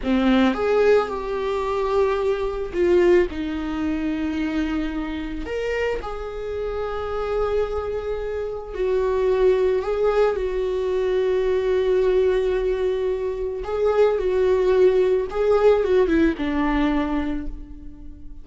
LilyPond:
\new Staff \with { instrumentName = "viola" } { \time 4/4 \tempo 4 = 110 c'4 gis'4 g'2~ | g'4 f'4 dis'2~ | dis'2 ais'4 gis'4~ | gis'1 |
fis'2 gis'4 fis'4~ | fis'1~ | fis'4 gis'4 fis'2 | gis'4 fis'8 e'8 d'2 | }